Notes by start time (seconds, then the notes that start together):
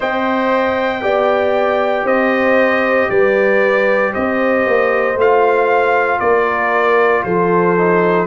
0.00 C4 C5 D#5 G5
1.01 B3 G4 D5
2.04 C4 C5 D#5
3.09 G3 B4 D5
4.13 C4 C5 D#5
4.66 A#3
5.16 A3 F4 F5
6.19 A#3 A#4 D5
7.23 F3 A4 C5
7.77 D#4